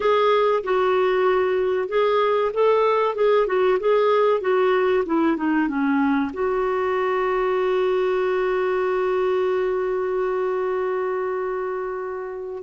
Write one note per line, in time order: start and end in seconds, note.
0.00 0.63 G#4
0.63 1.88 F#4
1.88 2.51 G#4
2.53 3.15 A4
3.15 3.46 G#4
3.46 3.78 F#4
3.79 4.40 G#4
4.40 5.04 F#4
5.05 5.36 E4
5.36 5.68 D#4
5.68 6.31 C#4
6.33 12.63 F#4